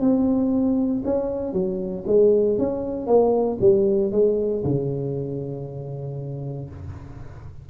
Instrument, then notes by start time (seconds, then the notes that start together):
tuba
0.00 C4
1.04 C#4
1.53 F#3
2.07 G#3
2.58 C#4
3.07 A#3
3.60 G3
4.11 G#3
4.64 C#3